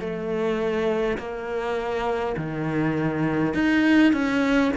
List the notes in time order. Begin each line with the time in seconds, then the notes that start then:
0.00 A3
1.18 A#3
2.37 D#3
3.55 D#4
4.13 C#4